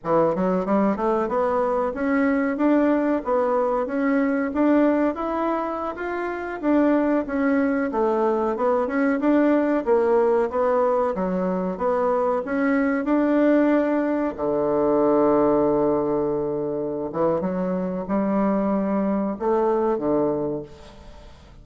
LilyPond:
\new Staff \with { instrumentName = "bassoon" } { \time 4/4 \tempo 4 = 93 e8 fis8 g8 a8 b4 cis'4 | d'4 b4 cis'4 d'4 | e'4~ e'16 f'4 d'4 cis'8.~ | cis'16 a4 b8 cis'8 d'4 ais8.~ |
ais16 b4 fis4 b4 cis'8.~ | cis'16 d'2 d4.~ d16~ | d2~ d8 e8 fis4 | g2 a4 d4 | }